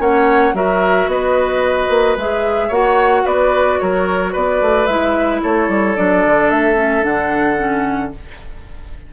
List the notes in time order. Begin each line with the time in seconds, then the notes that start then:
0.00 A#3 C#4 C#5 F#5
0.53 F#3 F#4 A#4 E5
1.07 B3 B4 D#5
1.90 A#3
2.17 G#3 G#4 E5
2.68 A#3 F#4 C#5 F#5
3.25 B3 B4 D5
3.80 F#3 A#4 C#5
4.33 B3 B4 D5
4.61 A3
4.87 G#3 E4 E5
5.43 A3 A4 C#5
5.69 G3
5.96 F#3 D4 D5
6.26 D3
6.50 A3 E5
6.76 C#4
7.02 D3 D4 F#5
7.57 C#4